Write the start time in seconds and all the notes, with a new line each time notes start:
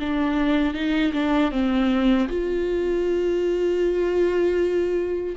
0.00 D4
0.74 D#4
1.14 D4
1.52 C4
2.29 F4